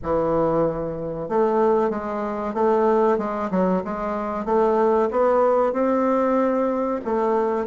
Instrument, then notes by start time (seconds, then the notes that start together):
bassoon
0.02 E3
1.29 A3
1.90 G#3
2.54 A3
3.18 G#3
3.50 F#3
3.84 G#3
4.45 A3
5.10 B3
5.72 C4
7.04 A3